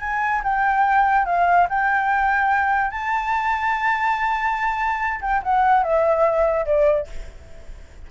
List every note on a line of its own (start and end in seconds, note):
0.00 0.42 G#5
0.44 1.26 G5
1.26 1.67 F5
1.69 2.91 G5
2.91 5.20 A5
5.21 5.42 G5
5.43 5.84 F#5
5.84 6.66 E5
6.66 7.08 D5